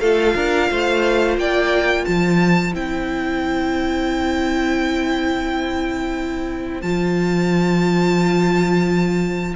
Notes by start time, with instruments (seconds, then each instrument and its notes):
0.00 cello A3, viola F4, violin A4 F5
0.35 cello D4, violin A#4
0.71 cello A3, violin C5
1.37 cello A#3, violin D5 G5
2.05 cello F3, violin C5 A5
2.73 cello C4, viola E4, violin G5
6.82 cello F3, viola F4, violin A5